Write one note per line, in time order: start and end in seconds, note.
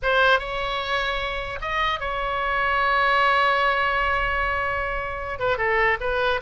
0.02 0.39 C5
0.39 1.59 C#5
1.61 1.99 D#5
1.99 5.39 C#5
5.39 5.57 B4
5.57 5.97 A4
6.00 6.40 B4